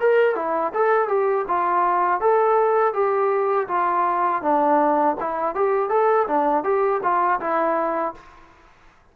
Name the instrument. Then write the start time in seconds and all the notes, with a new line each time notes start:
trombone
0.00 A#4
0.35 E4
0.73 A4
1.08 G4
1.47 F4
2.20 A4
2.93 G4
3.68 F4
4.42 D4
5.20 E4
5.55 G4
5.89 A4
6.27 D4
6.64 G4
7.02 F4
7.40 E4